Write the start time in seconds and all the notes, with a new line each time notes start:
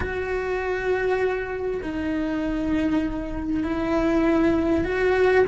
0.00 F#4
1.82 D#4
3.63 E4
4.84 F#4